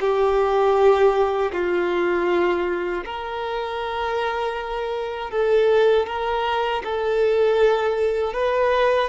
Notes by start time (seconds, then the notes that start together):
0.00 G4
1.52 F4
3.05 A#4
5.30 A4
6.06 A#4
6.84 A4
8.33 B4